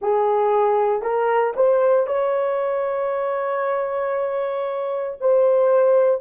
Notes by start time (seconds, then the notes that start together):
0.01 G#4
1.02 A#4
1.56 C5
2.06 C#5
5.20 C5